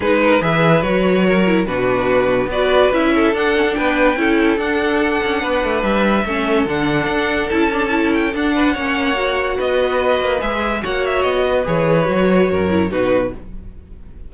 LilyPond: <<
  \new Staff \with { instrumentName = "violin" } { \time 4/4 \tempo 4 = 144 b'4 e''4 cis''2 | b'2 d''4 e''4 | fis''4 g''2 fis''4~ | fis''2 e''2 |
fis''2 a''4. g''8 | fis''2. dis''4~ | dis''4 e''4 fis''8 e''8 dis''4 | cis''2. b'4 | }
  \new Staff \with { instrumentName = "violin" } { \time 4/4 gis'8 ais'8 b'2 ais'4 | fis'2 b'4. a'8~ | a'4 b'4 a'2~ | a'4 b'2 a'4~ |
a'1~ | a'8 b'8 cis''2 b'4~ | b'2 cis''4. b'8~ | b'2 ais'4 fis'4 | }
  \new Staff \with { instrumentName = "viola" } { \time 4/4 dis'4 gis'4 fis'4. e'8 | d'2 fis'4 e'4 | d'8 cis'16 d'4~ d'16 e'4 d'4~ | d'2. cis'4 |
d'2 e'8 d'8 e'4 | d'4 cis'4 fis'2~ | fis'4 gis'4 fis'2 | gis'4 fis'4. e'8 dis'4 | }
  \new Staff \with { instrumentName = "cello" } { \time 4/4 gis4 e4 fis2 | b,2 b4 cis'4 | d'4 b4 cis'4 d'4~ | d'8 cis'8 b8 a8 g4 a4 |
d4 d'4 cis'2 | d'4 ais2 b4~ | b8 ais8 gis4 ais4 b4 | e4 fis4 fis,4 b,4 | }
>>